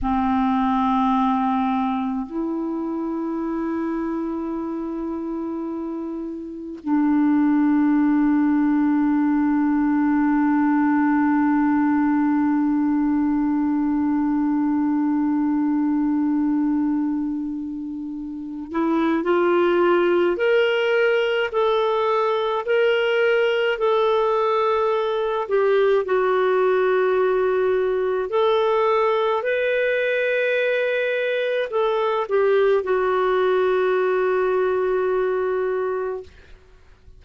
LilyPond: \new Staff \with { instrumentName = "clarinet" } { \time 4/4 \tempo 4 = 53 c'2 e'2~ | e'2 d'2~ | d'1~ | d'1~ |
d'8 e'8 f'4 ais'4 a'4 | ais'4 a'4. g'8 fis'4~ | fis'4 a'4 b'2 | a'8 g'8 fis'2. | }